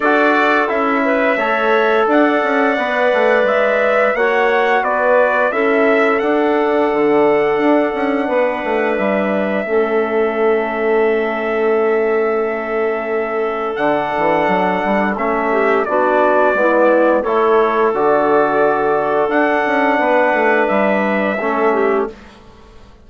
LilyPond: <<
  \new Staff \with { instrumentName = "trumpet" } { \time 4/4 \tempo 4 = 87 d''4 e''2 fis''4~ | fis''4 e''4 fis''4 d''4 | e''4 fis''2.~ | fis''4 e''2.~ |
e''1 | fis''2 e''4 d''4~ | d''4 cis''4 d''2 | fis''2 e''2 | }
  \new Staff \with { instrumentName = "clarinet" } { \time 4/4 a'4. b'8 cis''4 d''4~ | d''2 cis''4 b'4 | a'1 | b'2 a'2~ |
a'1~ | a'2~ a'8 g'8 fis'4 | e'4 a'2.~ | a'4 b'2 a'8 g'8 | }
  \new Staff \with { instrumentName = "trombone" } { \time 4/4 fis'4 e'4 a'2 | b'2 fis'2 | e'4 d'2.~ | d'2 cis'2~ |
cis'1 | d'2 cis'4 d'4 | b4 e'4 fis'2 | d'2. cis'4 | }
  \new Staff \with { instrumentName = "bassoon" } { \time 4/4 d'4 cis'4 a4 d'8 cis'8 | b8 a8 gis4 ais4 b4 | cis'4 d'4 d4 d'8 cis'8 | b8 a8 g4 a2~ |
a1 | d8 e8 fis8 g8 a4 b4 | gis4 a4 d2 | d'8 cis'8 b8 a8 g4 a4 | }
>>